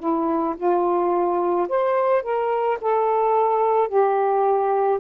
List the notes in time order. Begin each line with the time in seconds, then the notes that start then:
0.00 E4
0.57 F4
1.69 C5
2.23 A#4
2.81 A4
3.88 G4